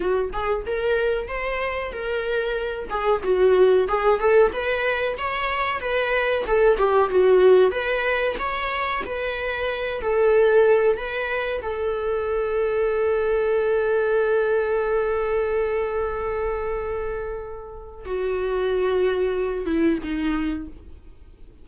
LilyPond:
\new Staff \with { instrumentName = "viola" } { \time 4/4 \tempo 4 = 93 fis'8 gis'8 ais'4 c''4 ais'4~ | ais'8 gis'8 fis'4 gis'8 a'8 b'4 | cis''4 b'4 a'8 g'8 fis'4 | b'4 cis''4 b'4. a'8~ |
a'4 b'4 a'2~ | a'1~ | a'1 | fis'2~ fis'8 e'8 dis'4 | }